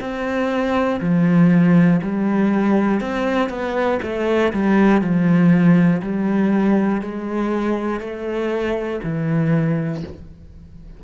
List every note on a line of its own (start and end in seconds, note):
0.00 1.00 C4
1.00 2.00 F3
2.02 3.01 G3
3.01 3.49 C4
3.49 3.99 B3
4.03 4.53 A3
4.53 5.01 G3
5.01 6.01 F3
6.02 7.01 G3
7.01 8.00 G#3
8.00 9.00 A3
9.03 10.03 E3